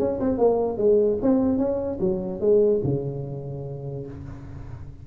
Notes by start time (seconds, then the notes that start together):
0.00 C#4
0.20 C4
0.38 A#3
0.78 G#3
1.22 C4
1.59 C#4
2.01 F#3
2.41 G#3
2.85 C#3